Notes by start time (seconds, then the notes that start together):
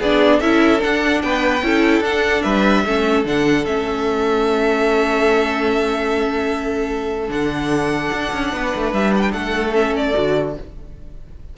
0.00 B3 D4 G#4 D5
0.40 C#4 E4 A4 E5
0.78 D4 F#5
0.85 D4
1.22 B3 B4 G5
1.62 C#4 E4 A4
2.00 D4 F#5
2.42 G3 B4 E5
2.85 A3 C#4 A4
3.25 D3 D4 F#5
3.65 A3 C#4 E5
7.28 D3 D4 F#5
8.12 D4
8.33 C#4
8.53 B3 B4
8.76 A3
8.93 G3 E5
9.17 F#5 G5
9.32 A3 A4 F#5
9.73 C#4 E5
9.96 D5
10.14 D3 F#4